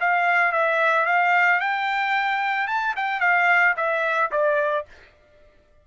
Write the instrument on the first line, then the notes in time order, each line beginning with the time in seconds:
trumpet
0.00 F5
0.52 E5
1.06 F5
1.60 G5
2.67 A5
2.96 G5
3.20 F5
3.76 E5
4.31 D5